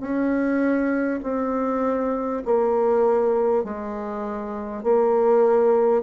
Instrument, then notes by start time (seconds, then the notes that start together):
bassoon
0.00 C#4
1.23 C4
2.45 A#3
3.64 G#3
4.84 A#3